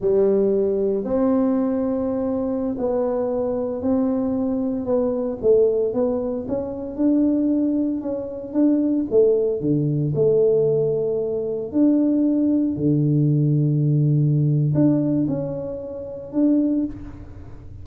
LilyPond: \new Staff \with { instrumentName = "tuba" } { \time 4/4 \tempo 4 = 114 g2 c'2~ | c'4~ c'16 b2 c'8.~ | c'4~ c'16 b4 a4 b8.~ | b16 cis'4 d'2 cis'8.~ |
cis'16 d'4 a4 d4 a8.~ | a2~ a16 d'4.~ d'16~ | d'16 d2.~ d8. | d'4 cis'2 d'4 | }